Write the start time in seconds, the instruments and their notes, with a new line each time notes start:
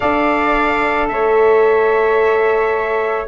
0.00 tuba D4, saxophone A4, flute D5, trumpet F5
1.08 tuba A3, flute C#5, trumpet E5